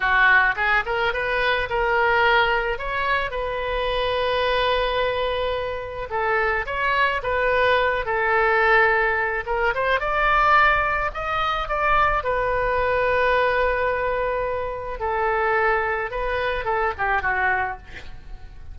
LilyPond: \new Staff \with { instrumentName = "oboe" } { \time 4/4 \tempo 4 = 108 fis'4 gis'8 ais'8 b'4 ais'4~ | ais'4 cis''4 b'2~ | b'2. a'4 | cis''4 b'4. a'4.~ |
a'4 ais'8 c''8 d''2 | dis''4 d''4 b'2~ | b'2. a'4~ | a'4 b'4 a'8 g'8 fis'4 | }